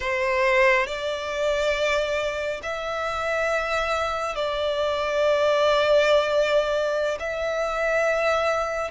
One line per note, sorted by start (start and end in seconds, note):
0.00 0.87 C5
0.87 2.60 D5
2.62 4.35 E5
4.35 7.18 D5
7.19 8.91 E5